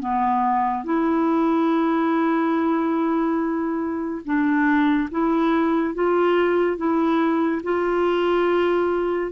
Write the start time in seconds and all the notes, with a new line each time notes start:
0.00 B3
0.84 E4
4.25 D4
5.11 E4
5.95 F4
6.78 E4
7.64 F4